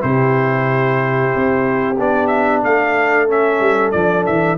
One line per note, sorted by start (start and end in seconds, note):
0.00 1.33 C3
0.00 1.96 E4
0.00 2.64 G4
0.00 1.98 C5
1.36 1.99 C4
1.98 2.64 B3
1.98 3.28 D4
1.98 2.27 D5
2.27 2.60 E5
2.64 3.60 A3
2.64 4.58 A4
2.64 3.29 F5
3.28 3.93 C#4
3.28 3.91 E5
3.60 3.93 G3
3.91 4.27 F3
3.91 4.58 D4
3.91 4.24 D5
4.26 4.58 E3
4.26 4.58 E5